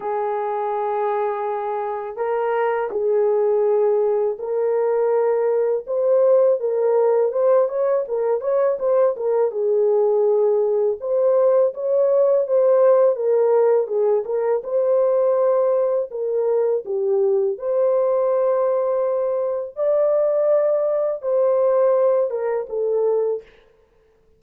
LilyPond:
\new Staff \with { instrumentName = "horn" } { \time 4/4 \tempo 4 = 82 gis'2. ais'4 | gis'2 ais'2 | c''4 ais'4 c''8 cis''8 ais'8 cis''8 | c''8 ais'8 gis'2 c''4 |
cis''4 c''4 ais'4 gis'8 ais'8 | c''2 ais'4 g'4 | c''2. d''4~ | d''4 c''4. ais'8 a'4 | }